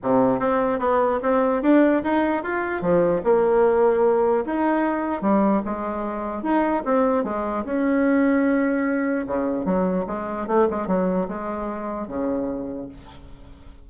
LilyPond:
\new Staff \with { instrumentName = "bassoon" } { \time 4/4 \tempo 4 = 149 c4 c'4 b4 c'4 | d'4 dis'4 f'4 f4 | ais2. dis'4~ | dis'4 g4 gis2 |
dis'4 c'4 gis4 cis'4~ | cis'2. cis4 | fis4 gis4 a8 gis8 fis4 | gis2 cis2 | }